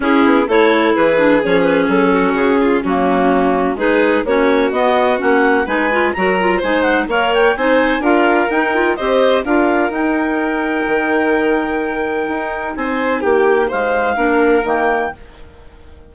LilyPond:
<<
  \new Staff \with { instrumentName = "clarinet" } { \time 4/4 \tempo 4 = 127 gis'4 cis''4 b'4 cis''8 b'8 | a'4 gis'4 fis'2 | b'4 cis''4 dis''4 fis''4 | gis''4 ais''4 gis''8 fis''8 f''8 g''8 |
gis''4 f''4 g''4 dis''4 | f''4 g''2.~ | g''2. gis''4 | g''4 f''2 g''4 | }
  \new Staff \with { instrumentName = "violin" } { \time 4/4 e'4 a'4 gis'2~ | gis'8 fis'4 f'8 cis'2 | gis'4 fis'2. | b'4 ais'4 c''4 cis''4 |
c''4 ais'2 c''4 | ais'1~ | ais'2. c''4 | g'4 c''4 ais'2 | }
  \new Staff \with { instrumentName = "clarinet" } { \time 4/4 cis'4 e'4. d'8 cis'4~ | cis'2 ais2 | dis'4 cis'4 b4 cis'4 | dis'8 f'8 fis'8 f'8 dis'4 ais'4 |
dis'4 f'4 dis'8 f'8 g'4 | f'4 dis'2.~ | dis'1~ | dis'2 d'4 ais4 | }
  \new Staff \with { instrumentName = "bassoon" } { \time 4/4 cis'8 b8 a4 e4 f4 | fis4 cis4 fis2 | gis4 ais4 b4 ais4 | gis4 fis4 gis4 ais4 |
c'4 d'4 dis'4 c'4 | d'4 dis'2 dis4~ | dis2 dis'4 c'4 | ais4 gis4 ais4 dis4 | }
>>